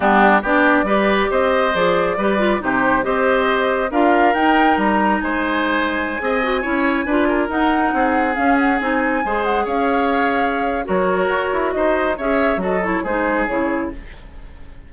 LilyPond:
<<
  \new Staff \with { instrumentName = "flute" } { \time 4/4 \tempo 4 = 138 g'4 d''2 dis''4 | d''2 c''4 dis''4~ | dis''4 f''4 g''4 ais''4 | gis''1~ |
gis''4~ gis''16 fis''2 f''8 fis''16~ | fis''16 gis''4. fis''8 f''4.~ f''16~ | f''4 cis''2 dis''4 | e''4 dis''8 cis''8 c''4 cis''4 | }
  \new Staff \with { instrumentName = "oboe" } { \time 4/4 d'4 g'4 b'4 c''4~ | c''4 b'4 g'4 c''4~ | c''4 ais'2. | c''2~ c''16 dis''4 cis''8.~ |
cis''16 b'8 ais'4. gis'4.~ gis'16~ | gis'4~ gis'16 c''4 cis''4.~ cis''16~ | cis''4 ais'2 c''4 | cis''4 a'4 gis'2 | }
  \new Staff \with { instrumentName = "clarinet" } { \time 4/4 b4 d'4 g'2 | gis'4 g'8 f'8 dis'4 g'4~ | g'4 f'4 dis'2~ | dis'2~ dis'16 gis'8 fis'8 e'8.~ |
e'16 f'4 dis'2 cis'8.~ | cis'16 dis'4 gis'2~ gis'8.~ | gis'4 fis'2. | gis'4 fis'8 e'8 dis'4 e'4 | }
  \new Staff \with { instrumentName = "bassoon" } { \time 4/4 g4 b4 g4 c'4 | f4 g4 c4 c'4~ | c'4 d'4 dis'4 g4 | gis2~ gis16 c'4 cis'8.~ |
cis'16 d'4 dis'4 c'4 cis'8.~ | cis'16 c'4 gis4 cis'4.~ cis'16~ | cis'4 fis4 fis'8 e'8 dis'4 | cis'4 fis4 gis4 cis4 | }
>>